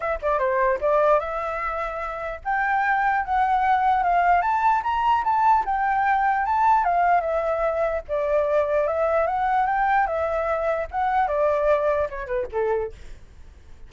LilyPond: \new Staff \with { instrumentName = "flute" } { \time 4/4 \tempo 4 = 149 e''8 d''8 c''4 d''4 e''4~ | e''2 g''2 | fis''2 f''4 a''4 | ais''4 a''4 g''2 |
a''4 f''4 e''2 | d''2 e''4 fis''4 | g''4 e''2 fis''4 | d''2 cis''8 b'8 a'4 | }